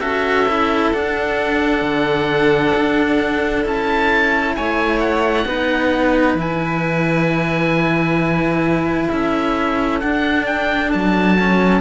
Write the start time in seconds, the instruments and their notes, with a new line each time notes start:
0.00 cello C#4 F#4, violin A4, oboe E5
0.48 cello E4
0.92 cello D4, oboe F#5
1.81 cello D3
2.75 cello D4
3.63 cello C#4 E4, oboe A5
4.55 cello A3, violin C#5, oboe G#5
5.00 oboe F#5
5.45 cello B3 D#4, violin B4
6.34 cello E3 E4, oboe G#5
9.08 cello C#4, violin A4, oboe E5
10.00 cello D4, oboe F#5
10.45 oboe G5
10.91 cello F#3, oboe A5
11.39 cello C#4